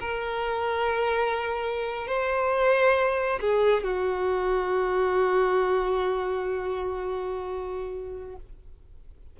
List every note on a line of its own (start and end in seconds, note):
0.00 2.07 A#4
2.07 3.40 C5
3.41 3.84 G#4
3.84 8.36 F#4